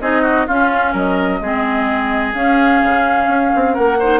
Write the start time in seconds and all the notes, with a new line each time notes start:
0.00 C4 D#4 G#4 D#5
0.22 F#4
0.47 C#4 F4 F5
0.92 F#3 A#4 D#5
1.40 G#3 C4 G#4
2.33 C#4 F5
2.83 C#3
3.27 C#4
3.55 C4
3.73 A#3 A#4 F#5
3.99 D#4 C5